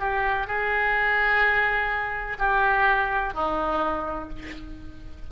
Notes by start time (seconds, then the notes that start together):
0.00 G4
0.47 G#4
2.39 G4
3.34 D#4